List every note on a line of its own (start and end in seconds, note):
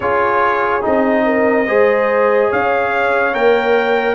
0.00 0.83 C#4
0.00 0.81 F4
0.00 1.23 G#4
0.00 0.84 C#5
0.81 1.67 C4
0.81 1.64 D#4
0.81 2.52 D#5
1.25 1.66 A#4
1.66 2.50 G#3
1.66 3.33 G#4
1.66 2.48 C5
2.48 3.34 C#4
2.48 4.15 C#5
2.48 3.34 F5
3.33 4.15 A#3
3.33 4.15 A#4
3.33 4.15 G5